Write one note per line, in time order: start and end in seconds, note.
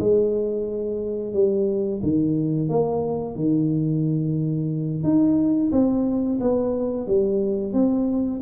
0.00 1.34 G#3
1.34 2.01 G3
2.03 2.69 D#3
2.69 3.36 A#3
3.36 5.03 D#3
5.03 5.71 D#4
5.72 6.39 C4
6.40 7.07 B3
7.07 7.73 G3
7.73 8.41 C4